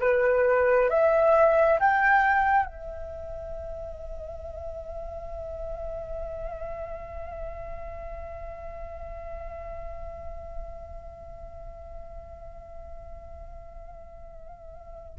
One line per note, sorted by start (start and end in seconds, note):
0.00 0.90 B4
0.90 1.80 E5
1.80 2.66 G5
2.66 15.19 E5